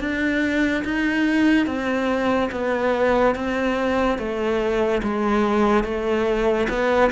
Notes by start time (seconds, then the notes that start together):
0.00 D4
0.84 D#4
1.66 C4
2.52 B3
3.35 C4
4.18 A3
5.03 G#3
5.84 A3
6.69 B3